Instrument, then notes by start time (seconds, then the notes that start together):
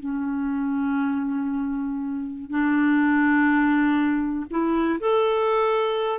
clarinet
0.00 C#4
2.51 D4
4.51 E4
5.00 A4